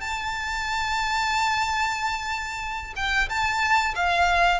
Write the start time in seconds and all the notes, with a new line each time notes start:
0.00 A5
2.96 G5
3.29 A5
3.95 F5